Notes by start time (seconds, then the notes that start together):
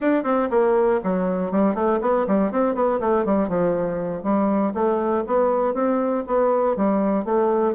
0.00 D4
0.23 C4
0.50 A#3
1.03 F#3
1.51 G3
1.74 A3
2.01 B3
2.27 G3
2.51 C4
2.74 B3
3.00 A3
3.25 G3
3.48 F3
4.23 G3
4.74 A3
5.26 B3
5.74 C4
6.27 B3
6.76 G3
7.24 A3